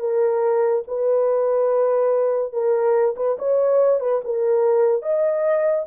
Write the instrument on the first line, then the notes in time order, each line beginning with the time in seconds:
horn
0.00 A#4
0.87 B4
2.53 A#4
3.16 B4
3.39 C#5
4.00 B4
4.24 A#4
5.02 D#5